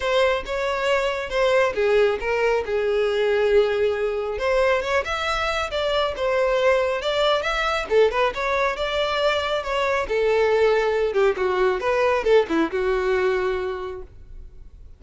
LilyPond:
\new Staff \with { instrumentName = "violin" } { \time 4/4 \tempo 4 = 137 c''4 cis''2 c''4 | gis'4 ais'4 gis'2~ | gis'2 c''4 cis''8 e''8~ | e''4 d''4 c''2 |
d''4 e''4 a'8 b'8 cis''4 | d''2 cis''4 a'4~ | a'4. g'8 fis'4 b'4 | a'8 e'8 fis'2. | }